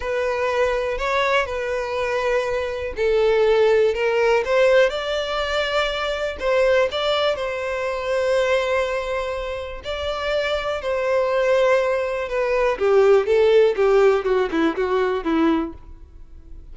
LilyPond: \new Staff \with { instrumentName = "violin" } { \time 4/4 \tempo 4 = 122 b'2 cis''4 b'4~ | b'2 a'2 | ais'4 c''4 d''2~ | d''4 c''4 d''4 c''4~ |
c''1 | d''2 c''2~ | c''4 b'4 g'4 a'4 | g'4 fis'8 e'8 fis'4 e'4 | }